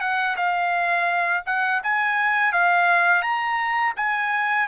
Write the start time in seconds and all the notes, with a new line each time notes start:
0.00 F#5
0.36 F5
1.46 F#5
1.83 G#5
2.52 F5
3.21 A#5
3.96 G#5